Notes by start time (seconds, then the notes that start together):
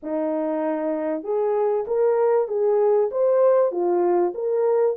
0.03 D#4
1.23 G#4
1.87 A#4
2.47 G#4
3.11 C5
3.71 F4
4.34 A#4